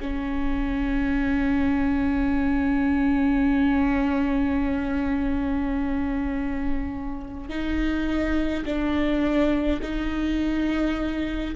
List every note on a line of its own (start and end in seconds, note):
0.00 7.49 C#4
7.49 8.64 D#4
8.65 9.80 D4
9.82 11.55 D#4